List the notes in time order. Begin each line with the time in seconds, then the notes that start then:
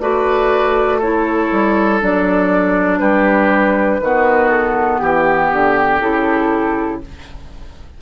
0.00 A3 F#4 B4 D5
0.99 E4 A4 C#5
1.51 G3
2.01 F#3 D4 D5
2.99 G3 G4 B4
4.00 D#3 B3 F#4
4.49 A4
4.99 E3 G4
5.52 D3
6.00 C#3 E4 A4